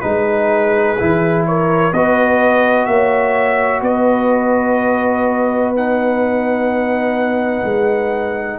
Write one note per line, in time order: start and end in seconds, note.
0.00 0.99 G#3
0.00 0.97 D#4
0.00 1.48 G#4
0.00 1.43 B4
0.98 1.92 E3
0.98 1.94 E4
1.46 1.93 A#4
1.46 1.93 C#5
1.92 2.87 B3
1.92 5.76 F#4
1.92 2.88 B4
1.92 2.85 D#5
2.85 3.81 A#3
2.85 3.82 C#5
2.85 3.81 E5
3.81 7.62 B3
3.81 8.58 B4
3.81 5.74 D#5
5.76 8.59 D#4
5.76 8.59 F#5
7.63 8.59 G#3